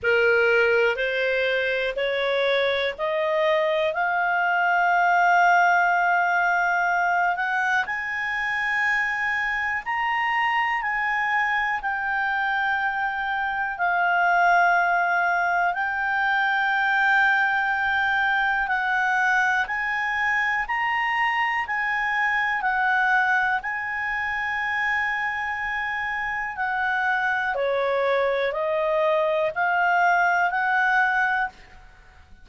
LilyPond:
\new Staff \with { instrumentName = "clarinet" } { \time 4/4 \tempo 4 = 61 ais'4 c''4 cis''4 dis''4 | f''2.~ f''8 fis''8 | gis''2 ais''4 gis''4 | g''2 f''2 |
g''2. fis''4 | gis''4 ais''4 gis''4 fis''4 | gis''2. fis''4 | cis''4 dis''4 f''4 fis''4 | }